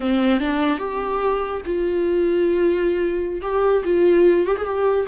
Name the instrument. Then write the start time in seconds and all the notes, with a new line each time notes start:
viola
0.00 C4
0.40 D4
0.78 G4
1.65 F4
3.41 G4
3.84 F4
4.46 G4
4.57 G#4
4.65 G4